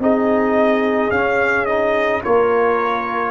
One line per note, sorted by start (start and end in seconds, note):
0.00 1.11 C4
0.00 1.12 D#4
0.00 2.25 G#4
0.00 1.11 D#5
1.11 2.23 C#4
1.11 1.68 C#4
1.11 1.66 F5
1.66 2.24 D#4
1.66 2.22 D#5
2.24 3.31 A#3
2.24 3.31 F4
2.24 3.31 A#4
2.24 3.31 C#5